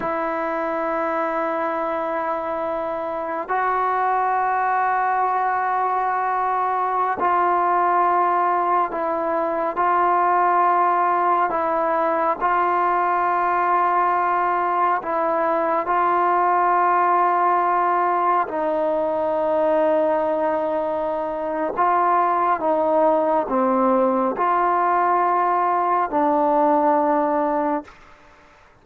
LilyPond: \new Staff \with { instrumentName = "trombone" } { \time 4/4 \tempo 4 = 69 e'1 | fis'1~ | fis'16 f'2 e'4 f'8.~ | f'4~ f'16 e'4 f'4.~ f'16~ |
f'4~ f'16 e'4 f'4.~ f'16~ | f'4~ f'16 dis'2~ dis'8.~ | dis'4 f'4 dis'4 c'4 | f'2 d'2 | }